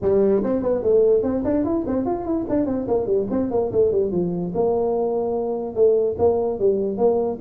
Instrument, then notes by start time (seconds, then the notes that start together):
tuba
0.02 G3
0.43 C4
0.62 B3
0.83 A3
1.23 C4
1.44 D4
1.64 E4
1.86 C4
2.05 F4
2.24 E4
2.49 D4
2.66 C4
2.87 A#3
3.06 G3
3.30 C4
3.50 A#3
3.72 A3
3.91 G3
4.11 F3
4.54 A#3
5.75 A3
6.18 A#3
6.59 G3
6.97 A#3